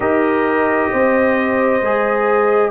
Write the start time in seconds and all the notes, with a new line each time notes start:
0.00 D#4 G4 A#4 D#5
0.91 C4 C5
1.81 G#3 G#4